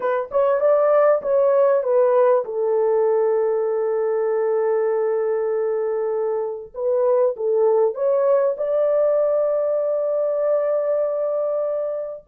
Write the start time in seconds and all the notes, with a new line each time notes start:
0.00 B4
0.31 C#5
0.60 D5
1.22 C#5
1.83 B4
2.44 A4
6.74 B4
7.36 A4
7.94 C#5
8.57 D5